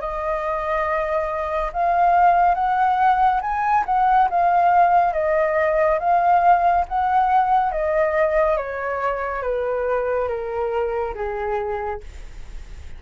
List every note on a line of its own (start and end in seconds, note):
0.00 1.71 D#5
1.73 2.54 F5
2.54 3.40 F#5
3.41 3.84 G#5
3.86 4.29 F#5
4.29 5.13 F5
5.13 5.98 D#5
5.99 6.85 F5
6.88 7.71 F#5
7.71 8.57 D#5
8.57 9.42 C#5
9.42 10.28 B4
10.28 11.14 A#4
11.14 12.00 G#4